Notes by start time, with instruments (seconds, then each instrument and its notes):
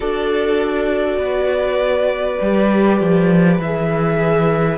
0.00 cello D4, viola F#4, violin A4 D5
1.17 cello B3, violin B4
2.41 cello G3, viola G4
3.00 cello F3
3.58 cello E3, viola G#4, violin E5